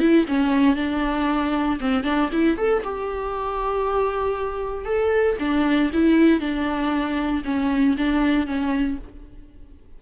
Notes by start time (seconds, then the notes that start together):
0.00 E4
0.28 C#4
0.76 D4
1.81 C4
2.04 D4
2.32 E4
2.58 A4
2.84 G4
4.85 A4
5.40 D4
5.93 E4
6.40 D4
7.45 C#4
7.97 D4
8.47 C#4